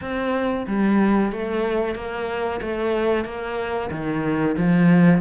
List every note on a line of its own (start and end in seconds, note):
0.01 0.66 C4
0.67 1.32 G3
1.32 1.95 A3
1.95 2.60 A#3
2.61 3.24 A3
3.24 3.90 A#3
3.90 4.56 D#3
4.57 5.21 F3